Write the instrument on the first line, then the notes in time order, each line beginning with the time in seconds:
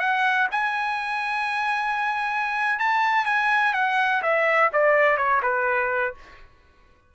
trumpet
0.00 F#5
0.52 G#5
2.79 A5
3.26 G#5
3.74 F#5
4.23 E5
4.73 D5
5.18 C#5
5.43 B4